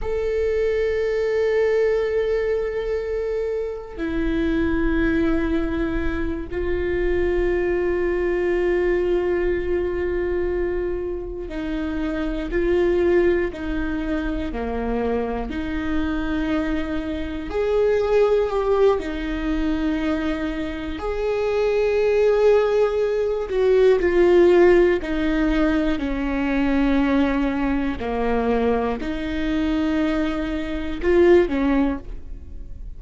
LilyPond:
\new Staff \with { instrumentName = "viola" } { \time 4/4 \tempo 4 = 60 a'1 | e'2~ e'8 f'4.~ | f'2.~ f'8 dis'8~ | dis'8 f'4 dis'4 ais4 dis'8~ |
dis'4. gis'4 g'8 dis'4~ | dis'4 gis'2~ gis'8 fis'8 | f'4 dis'4 cis'2 | ais4 dis'2 f'8 cis'8 | }